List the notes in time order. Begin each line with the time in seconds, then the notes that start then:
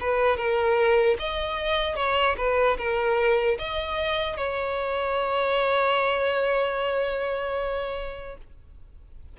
0.00 B4
0.37 A#4
1.19 D#5
1.96 C#5
2.37 B4
2.78 A#4
3.59 D#5
4.37 C#5